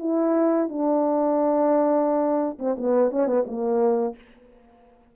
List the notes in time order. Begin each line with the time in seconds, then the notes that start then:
0.00 E4
0.69 D4
2.59 C4
2.78 B3
3.11 C#4
3.27 B3
3.47 A#3